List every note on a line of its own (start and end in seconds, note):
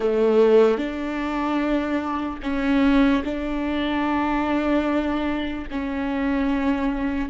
0.00 0.77 A3
0.77 2.39 D4
2.42 3.23 C#4
3.24 5.67 D4
5.71 7.29 C#4